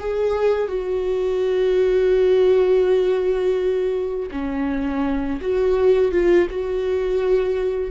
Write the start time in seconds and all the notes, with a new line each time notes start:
0.00 G#4
0.69 F#4
4.32 C#4
5.42 F#4
6.12 F4
6.50 F#4